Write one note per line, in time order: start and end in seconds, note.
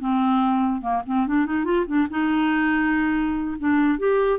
0.00 0.81 C4
0.81 1.02 A#3
1.06 1.27 C4
1.27 1.46 D4
1.46 1.65 D#4
1.65 1.86 F4
1.87 2.08 D4
2.10 3.57 D#4
3.59 3.99 D4
3.99 4.39 G4